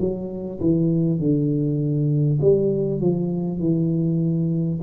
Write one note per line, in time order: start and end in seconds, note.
0.00 0.60 F#3
0.61 1.19 E3
1.19 2.39 D3
2.41 3.01 G3
3.01 3.59 F3
3.59 4.79 E3